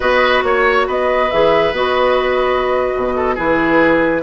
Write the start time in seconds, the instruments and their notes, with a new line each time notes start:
0.00 bassoon B3, clarinet F#4, oboe B4, flute D#5
0.43 bassoon A#3, flute C#5, oboe C#5
0.87 bassoon B3, oboe B4, flute D#5
1.31 bassoon E3, clarinet G#4, flute E5
1.72 bassoon B3, clarinet F#4, flute D#5
2.96 bassoon B2
3.16 oboe A4
3.35 bassoon E3, clarinet E4, oboe G#4, flute B4